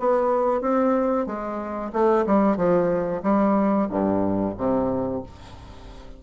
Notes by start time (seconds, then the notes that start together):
0.00 B3
0.62 C4
1.27 G#3
1.93 A3
2.27 G3
2.57 F3
3.23 G3
3.90 G2
4.58 C3